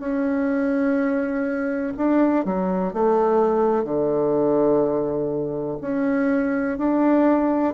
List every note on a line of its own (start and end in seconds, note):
0.00 1.94 C#4
1.98 2.45 D4
2.45 2.93 F#3
2.93 3.84 A3
3.84 5.78 D3
5.82 6.78 C#4
6.78 7.74 D4